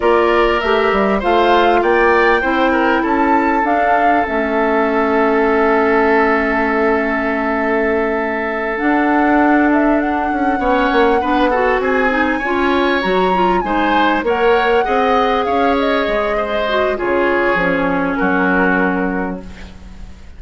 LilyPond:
<<
  \new Staff \with { instrumentName = "flute" } { \time 4/4 \tempo 4 = 99 d''4 e''4 f''4 g''4~ | g''4 a''4 f''4 e''4~ | e''1~ | e''2~ e''8 fis''4. |
e''8 fis''2. gis''8~ | gis''4. ais''4 gis''4 fis''8~ | fis''4. f''8 dis''2 | cis''2 ais'2 | }
  \new Staff \with { instrumentName = "oboe" } { \time 4/4 ais'2 c''4 d''4 | c''8 ais'8 a'2.~ | a'1~ | a'1~ |
a'4. cis''4 b'8 a'8 gis'8~ | gis'8 cis''2 c''4 cis''8~ | cis''8 dis''4 cis''4. c''4 | gis'2 fis'2 | }
  \new Staff \with { instrumentName = "clarinet" } { \time 4/4 f'4 g'4 f'2 | e'2 d'4 cis'4~ | cis'1~ | cis'2~ cis'8 d'4.~ |
d'4. cis'4 d'8 fis'4 | dis'8 f'4 fis'8 f'8 dis'4 ais'8~ | ais'8 gis'2. fis'8 | f'4 cis'2. | }
  \new Staff \with { instrumentName = "bassoon" } { \time 4/4 ais4 a8 g8 a4 ais4 | c'4 cis'4 d'4 a4~ | a1~ | a2~ a8 d'4.~ |
d'4 cis'8 b8 ais8 b4 c'8~ | c'8 cis'4 fis4 gis4 ais8~ | ais8 c'4 cis'4 gis4. | cis4 f4 fis2 | }
>>